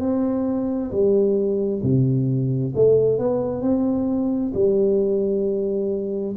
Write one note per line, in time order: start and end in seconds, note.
0.00 0.91 C4
0.91 1.82 G3
1.83 2.74 C3
2.75 3.19 A3
3.19 3.62 B3
3.62 4.52 C4
4.54 6.36 G3